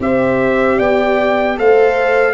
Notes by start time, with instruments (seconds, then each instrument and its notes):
0.00 tuba C4, viola G4, horn C5, trumpet E5
0.77 tuba B3, horn D5, trumpet G5
1.57 tuba A3, viola A4, horn C5, trumpet F5